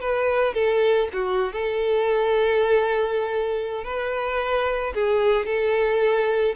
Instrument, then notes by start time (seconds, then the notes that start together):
violin
0.00 B4
0.54 A4
1.13 F#4
1.52 A4
3.84 B4
4.94 G#4
5.45 A4